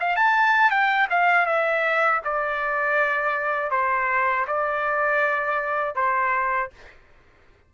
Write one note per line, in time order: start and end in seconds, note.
0.00 0.16 F5
0.16 0.70 A5
0.70 1.08 G5
1.10 1.46 F5
1.46 2.21 E5
2.24 3.71 D5
3.71 4.46 C5
4.47 5.95 D5
5.95 6.70 C5